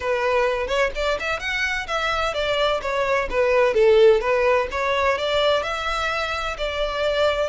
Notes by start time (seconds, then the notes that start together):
0.00 B4
0.67 C#5
0.95 D5
1.19 E5
1.39 F#5
1.87 E5
2.34 D5
2.81 C#5
3.29 B4
3.74 A4
4.20 B4
4.71 C#5
5.18 D5
5.62 E5
6.57 D5